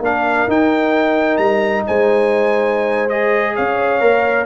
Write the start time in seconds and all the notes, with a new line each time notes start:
0.00 A#3 D4 A#4 F5
0.47 D#4 G5
1.37 G3 A#5
1.86 G#3 C5 G#5
3.09 G#4 D#5
3.55 C#4 C#5 F5
4.00 A#3 A#4